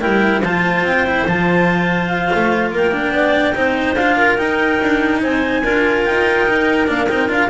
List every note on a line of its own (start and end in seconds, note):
0.00 0.42 G3
0.00 0.43 E4
0.00 0.42 A#4
0.00 0.42 G5
0.42 0.83 F3
0.42 1.07 F4
0.42 2.71 C5
0.42 0.86 A5
0.83 1.24 C4
0.83 1.27 G5
1.07 1.28 E4
1.27 2.31 F3
1.27 2.92 F4
1.27 2.08 A5
2.08 2.71 F5
2.35 2.72 A3
2.72 3.12 A#3
2.72 3.14 A#4
2.72 3.95 G5
2.92 3.54 D4
3.12 3.53 B3
3.12 3.57 D5
3.55 3.95 C4
3.55 3.97 D#4
3.55 4.18 C5
3.95 4.37 D4
3.95 4.38 F4
3.95 4.37 F5
4.18 5.22 A#4
4.37 4.80 D#4
4.37 5.63 D#4
4.37 5.20 G5
4.82 5.23 D4
5.23 5.65 C4
5.23 5.64 C5
5.23 6.05 G#5
5.64 6.07 D4
5.64 6.48 F4
5.64 7.50 A#4
6.05 6.89 D#4
6.05 6.88 G5
6.49 6.87 D#4
6.87 7.10 A#3
6.87 7.08 D4
6.87 7.08 F5
7.08 7.28 C4
7.08 7.29 D#4
7.08 7.28 G5
7.28 7.49 D4
7.28 7.50 F4
7.28 7.50 F5